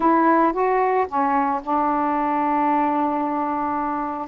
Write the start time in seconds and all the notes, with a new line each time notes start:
0.00 E4
0.53 F#4
1.07 C#4
1.62 D4